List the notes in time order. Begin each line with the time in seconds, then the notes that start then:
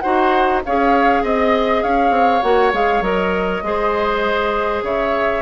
0.00 D#4 F#4 C5 F#5
0.65 C#4 G#4 C#5 F5
1.23 C4 D#5
1.83 C#4 C#5 F5
2.10 C4
2.42 A#3 F#4 F#5
2.73 G#3 G#4 F5
3.01 F#3 A#4 D#5
3.62 G#3 G#4 C5
4.83 C#3 C#5 E5